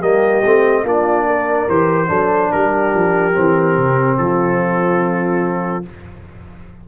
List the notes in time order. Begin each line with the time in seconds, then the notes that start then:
0.00 G3 A#3 G4 D#5
0.45 A3 C4
0.84 A#3 D4 F4 D5
1.27 A#4
1.68 E3 G4 C5
2.08 F#3 D4 A4
2.52 G3 G4 A#4
2.95 F3
3.33 E3 C4
3.78 C3
4.18 F3 F4 A4